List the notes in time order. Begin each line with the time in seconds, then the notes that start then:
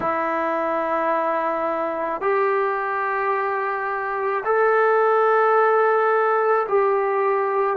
0.00 E4
2.21 G4
4.44 A4
6.68 G4